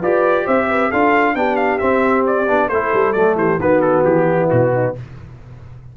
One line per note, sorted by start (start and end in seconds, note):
0.00 0.47 F4
0.00 0.93 G4
0.00 0.45 B4
0.00 0.47 D5
0.45 0.92 C4
0.45 0.67 C5
0.45 0.92 E5
0.69 0.90 B4
0.90 1.35 D4
0.90 1.35 F4
0.90 1.35 A4
0.90 1.35 F5
1.35 1.80 B3
1.35 1.79 D4
1.35 2.71 G4
1.35 1.56 G5
1.56 1.78 F5
1.78 2.47 C4
1.78 2.49 C4
1.78 2.23 E5
2.27 2.69 D5
2.47 2.69 B3
2.47 2.70 D4
2.69 2.91 A3
2.69 3.15 E4
2.69 3.38 A4
2.69 3.13 C5
2.93 3.15 G3
3.13 3.36 F#3
3.13 3.60 A3
3.13 3.35 D5
3.36 3.58 E3
3.36 3.60 G4
3.36 3.60 C5
3.59 4.04 D#3
3.59 4.96 B3
3.59 4.27 F#4
3.59 3.81 B4
3.81 4.03 A4
4.05 4.50 E3
4.05 4.49 G4
4.29 4.73 E4
4.50 4.97 B2
4.50 4.95 F#4
4.73 4.96 D#4